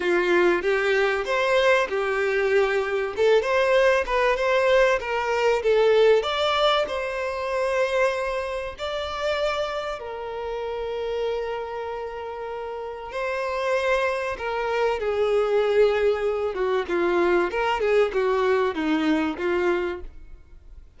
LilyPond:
\new Staff \with { instrumentName = "violin" } { \time 4/4 \tempo 4 = 96 f'4 g'4 c''4 g'4~ | g'4 a'8 c''4 b'8 c''4 | ais'4 a'4 d''4 c''4~ | c''2 d''2 |
ais'1~ | ais'4 c''2 ais'4 | gis'2~ gis'8 fis'8 f'4 | ais'8 gis'8 fis'4 dis'4 f'4 | }